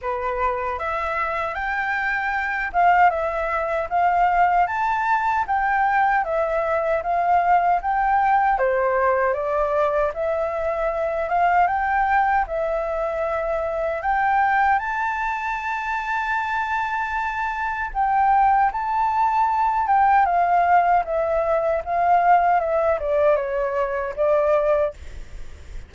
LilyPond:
\new Staff \with { instrumentName = "flute" } { \time 4/4 \tempo 4 = 77 b'4 e''4 g''4. f''8 | e''4 f''4 a''4 g''4 | e''4 f''4 g''4 c''4 | d''4 e''4. f''8 g''4 |
e''2 g''4 a''4~ | a''2. g''4 | a''4. g''8 f''4 e''4 | f''4 e''8 d''8 cis''4 d''4 | }